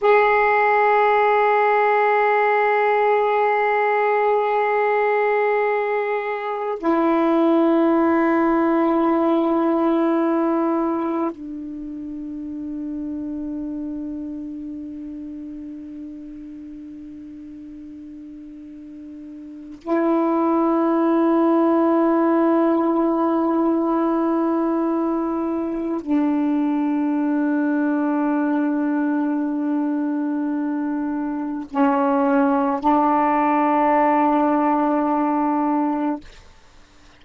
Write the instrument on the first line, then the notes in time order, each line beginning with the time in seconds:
saxophone
0.01 G#4
6.78 E4
11.31 D4
19.81 E4
26.01 D4
31.70 C#4
32.80 D4